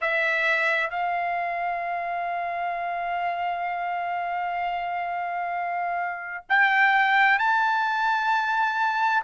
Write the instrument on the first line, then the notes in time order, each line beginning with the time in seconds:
trumpet
0.01 E5
0.90 F5
6.49 G5
7.38 A5